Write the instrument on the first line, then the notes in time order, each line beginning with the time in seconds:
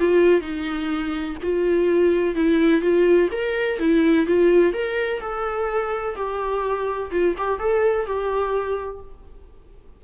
viola
0.00 F4
0.41 D#4
1.43 F4
2.35 E4
2.81 F4
3.32 A#4
3.79 E4
4.27 F4
4.73 A#4
5.21 A4
6.16 G4
7.11 F4
7.38 G4
7.60 A4
8.06 G4